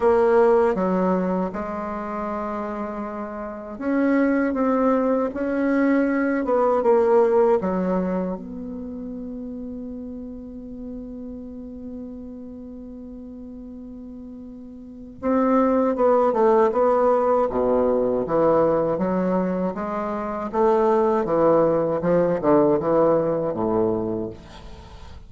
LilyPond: \new Staff \with { instrumentName = "bassoon" } { \time 4/4 \tempo 4 = 79 ais4 fis4 gis2~ | gis4 cis'4 c'4 cis'4~ | cis'8 b8 ais4 fis4 b4~ | b1~ |
b1 | c'4 b8 a8 b4 b,4 | e4 fis4 gis4 a4 | e4 f8 d8 e4 a,4 | }